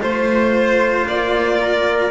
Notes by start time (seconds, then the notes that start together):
0.00 A3 F4 C5
1.08 A#3 D5
1.61 A#4